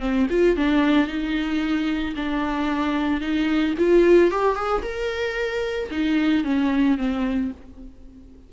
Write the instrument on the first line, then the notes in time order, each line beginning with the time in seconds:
viola
0.00 C4
0.30 F4
0.56 D4
1.07 D#4
2.16 D4
3.20 D#4
3.78 F4
4.31 G4
4.55 G#4
4.82 A#4
5.91 D#4
6.44 C#4
6.97 C4